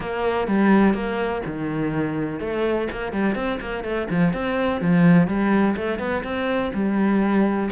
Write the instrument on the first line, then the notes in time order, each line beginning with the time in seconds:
cello
0.00 A#3
0.47 G3
0.94 A#3
1.46 D#3
2.40 A3
2.91 A#3
3.12 G3
3.35 C4
3.60 A#3
3.84 A3
4.10 F3
4.33 C4
4.81 F3
5.27 G3
5.76 A3
5.98 B3
6.23 C4
6.74 G3